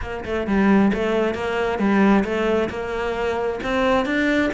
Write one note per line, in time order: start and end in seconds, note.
0.01 0.24 A#3
0.25 0.47 A3
0.47 0.92 G3
0.93 1.34 A3
1.34 1.79 A#3
1.79 2.24 G3
2.24 2.69 A3
2.69 3.59 A#3
3.63 4.05 C4
4.05 4.50 D4